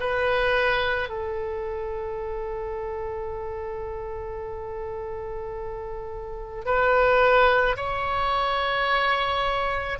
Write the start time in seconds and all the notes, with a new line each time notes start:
0.00 B4
1.09 A4
6.65 B4
7.76 C#5